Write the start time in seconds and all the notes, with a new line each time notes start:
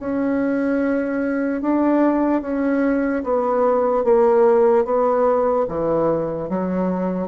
0.00 C#4
1.62 D4
2.42 C#4
3.24 B3
4.05 A#3
4.85 B3
5.69 E3
6.49 F#3